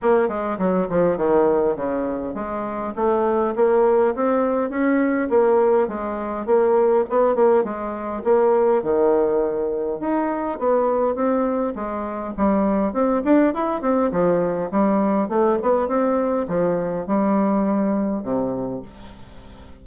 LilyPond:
\new Staff \with { instrumentName = "bassoon" } { \time 4/4 \tempo 4 = 102 ais8 gis8 fis8 f8 dis4 cis4 | gis4 a4 ais4 c'4 | cis'4 ais4 gis4 ais4 | b8 ais8 gis4 ais4 dis4~ |
dis4 dis'4 b4 c'4 | gis4 g4 c'8 d'8 e'8 c'8 | f4 g4 a8 b8 c'4 | f4 g2 c4 | }